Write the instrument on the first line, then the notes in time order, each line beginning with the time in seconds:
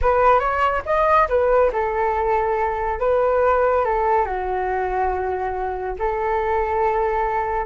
flute
0.01 B4
0.39 C#5
0.85 D#5
1.28 B4
1.72 A4
2.99 B4
3.85 A4
4.25 F#4
5.98 A4